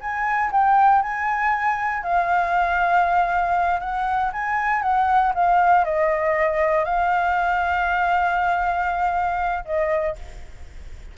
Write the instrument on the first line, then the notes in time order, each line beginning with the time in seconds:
flute
0.00 G#5
0.52 G5
1.02 G#5
2.03 F5
3.80 F#5
4.32 G#5
4.82 F#5
5.34 F5
5.84 D#5
6.84 F5
9.65 D#5